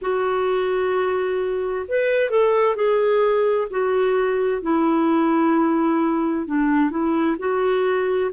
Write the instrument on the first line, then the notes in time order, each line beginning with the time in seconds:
clarinet
0.01 F#4
1.88 B4
2.30 A4
2.75 G#4
3.70 F#4
4.62 E4
6.46 D4
6.90 E4
7.38 F#4